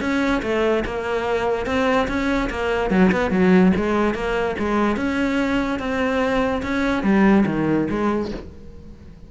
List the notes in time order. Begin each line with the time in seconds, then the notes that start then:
0.00 C#4
0.42 A3
0.85 A#3
1.66 C4
2.07 C#4
2.50 A#3
2.90 F#3
3.11 B3
3.30 F#3
3.76 G#3
4.14 A#3
4.58 G#3
4.96 C#4
5.79 C4
6.62 C#4
7.03 G3
7.46 D#3
7.90 G#3